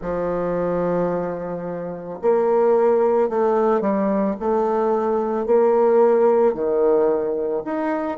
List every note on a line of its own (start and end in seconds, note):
0.01 2.19 F3
2.21 3.29 A#3
3.29 3.80 A3
3.80 4.35 G3
4.39 5.45 A3
5.45 6.54 A#3
6.54 7.63 D#3
7.64 8.18 D#4